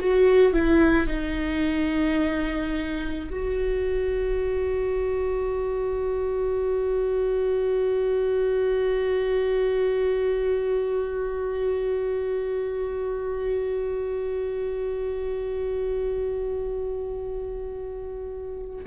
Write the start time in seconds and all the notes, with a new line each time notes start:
0.00 F#4
0.54 E4
1.08 D#4
3.30 F#4